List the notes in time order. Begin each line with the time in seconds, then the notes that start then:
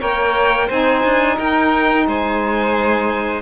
0.00 A#3 A#4 C#5 G5
0.68 C4 D#4 C5 G#5
1.05 D4
1.37 D#4 A#4 G5
2.07 G#3 C5 G#5